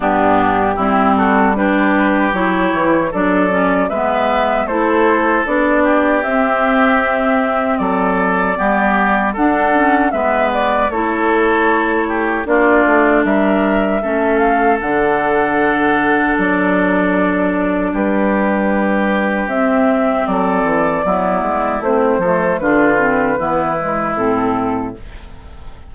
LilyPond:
<<
  \new Staff \with { instrumentName = "flute" } { \time 4/4 \tempo 4 = 77 g'4. a'8 b'4 cis''4 | d''4 e''4 c''4 d''4 | e''2 d''2 | fis''4 e''8 d''8 cis''2 |
d''4 e''4. f''8 fis''4~ | fis''4 d''2 b'4~ | b'4 e''4 d''2 | c''4 b'2 a'4 | }
  \new Staff \with { instrumentName = "oboe" } { \time 4/4 d'4 e'8 fis'8 g'2 | a'4 b'4 a'4. g'8~ | g'2 a'4 g'4 | a'4 b'4 a'4. g'8 |
f'4 ais'4 a'2~ | a'2. g'4~ | g'2 a'4 e'4~ | e'8 a'8 f'4 e'2 | }
  \new Staff \with { instrumentName = "clarinet" } { \time 4/4 b4 c'4 d'4 e'4 | d'8 cis'8 b4 e'4 d'4 | c'2. b4 | d'8 cis'8 b4 e'2 |
d'2 cis'4 d'4~ | d'1~ | d'4 c'2 b4 | c'8 a8 d'8 c'8 b8 gis8 c'4 | }
  \new Staff \with { instrumentName = "bassoon" } { \time 4/4 g,4 g2 fis8 e8 | fis4 gis4 a4 b4 | c'2 fis4 g4 | d'4 gis4 a2 |
ais8 a8 g4 a4 d4~ | d4 fis2 g4~ | g4 c'4 fis8 e8 fis8 gis8 | a8 f8 d4 e4 a,4 | }
>>